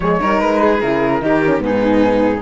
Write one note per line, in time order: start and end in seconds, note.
0.00 0.19 F3
0.00 0.19 G#3
0.00 0.17 G#4
0.00 0.40 C#5
0.19 0.41 G3
0.19 0.80 D#4
0.19 0.61 A#4
0.40 0.81 G#3
0.40 0.80 B4
0.61 1.22 G#4
0.80 1.22 C#3
0.80 1.21 E4
0.80 1.61 A#4
1.21 1.60 D#3
1.21 1.41 D#4
1.21 1.64 G4
1.45 1.58 C#4
1.58 2.41 G#2
1.58 2.39 B3
1.64 2.41 D#4
1.64 2.41 G#4